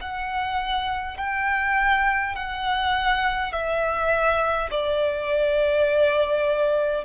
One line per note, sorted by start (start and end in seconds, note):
0.00 1.17 F#5
1.17 2.35 G5
2.35 3.52 F#5
3.52 4.70 E5
4.70 7.04 D5